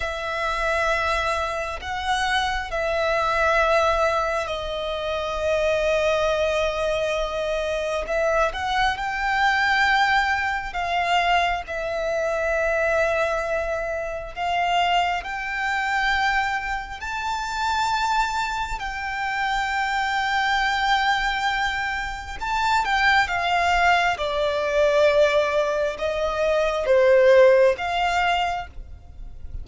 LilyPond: \new Staff \with { instrumentName = "violin" } { \time 4/4 \tempo 4 = 67 e''2 fis''4 e''4~ | e''4 dis''2.~ | dis''4 e''8 fis''8 g''2 | f''4 e''2. |
f''4 g''2 a''4~ | a''4 g''2.~ | g''4 a''8 g''8 f''4 d''4~ | d''4 dis''4 c''4 f''4 | }